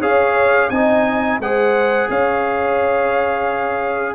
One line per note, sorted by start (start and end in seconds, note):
0.00 0.69 C#4
0.00 0.70 G#4
0.00 0.69 C#5
0.00 0.70 F5
0.70 1.39 C4
0.70 1.41 D#4
0.70 1.41 D#5
0.70 1.39 G#5
1.39 2.08 G#3
1.39 4.14 G#4
1.39 2.09 C5
1.39 2.10 F#5
2.09 4.14 C#4
2.09 4.14 C#5
2.09 4.14 F5